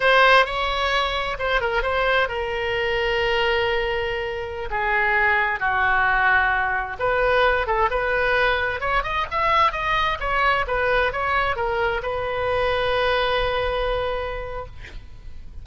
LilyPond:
\new Staff \with { instrumentName = "oboe" } { \time 4/4 \tempo 4 = 131 c''4 cis''2 c''8 ais'8 | c''4 ais'2.~ | ais'2~ ais'16 gis'4.~ gis'16~ | gis'16 fis'2. b'8.~ |
b'8. a'8 b'2 cis''8 dis''16~ | dis''16 e''4 dis''4 cis''4 b'8.~ | b'16 cis''4 ais'4 b'4.~ b'16~ | b'1 | }